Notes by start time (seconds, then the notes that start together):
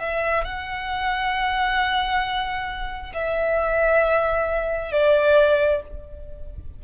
0.00 E5
0.45 F#5
3.14 E5
4.93 D5